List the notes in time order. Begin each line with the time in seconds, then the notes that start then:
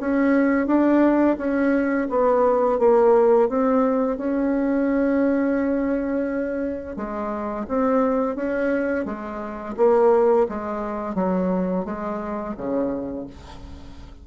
0.00 C#4
0.67 D4
1.38 C#4
2.10 B3
2.79 A#3
3.49 C4
4.18 C#4
6.97 G#3
7.68 C4
8.36 C#4
9.06 G#3
9.77 A#3
10.49 G#3
11.15 F#3
11.85 G#3
12.57 C#3